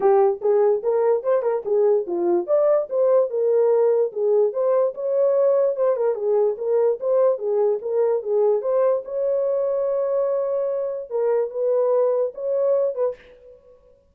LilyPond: \new Staff \with { instrumentName = "horn" } { \time 4/4 \tempo 4 = 146 g'4 gis'4 ais'4 c''8 ais'8 | gis'4 f'4 d''4 c''4 | ais'2 gis'4 c''4 | cis''2 c''8 ais'8 gis'4 |
ais'4 c''4 gis'4 ais'4 | gis'4 c''4 cis''2~ | cis''2. ais'4 | b'2 cis''4. b'8 | }